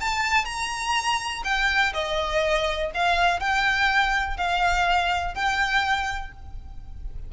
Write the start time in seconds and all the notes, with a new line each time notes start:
0.00 A5
0.45 A#5
1.44 G5
1.93 D#5
2.94 F5
3.39 G5
4.37 F5
5.34 G5